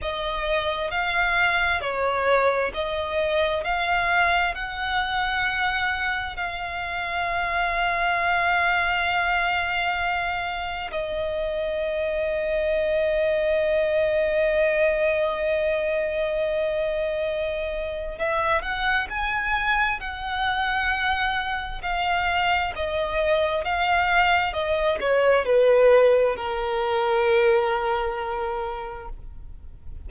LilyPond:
\new Staff \with { instrumentName = "violin" } { \time 4/4 \tempo 4 = 66 dis''4 f''4 cis''4 dis''4 | f''4 fis''2 f''4~ | f''1 | dis''1~ |
dis''1 | e''8 fis''8 gis''4 fis''2 | f''4 dis''4 f''4 dis''8 cis''8 | b'4 ais'2. | }